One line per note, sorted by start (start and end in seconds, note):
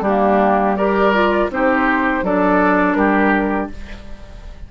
0.00 1.46 G3
0.00 0.77 A#3
0.00 0.75 D4
0.00 0.76 G4
0.76 1.13 G4
0.76 1.50 A#4
0.76 1.49 D5
1.13 1.50 F4
1.50 2.22 C4
1.50 2.23 D#4
1.50 2.24 G4
1.50 2.24 C5
2.22 2.95 F#3
2.22 3.71 D4
2.22 2.97 A4
2.22 2.94 D5
2.94 3.68 G3
2.94 3.70 G4
2.94 3.67 A#4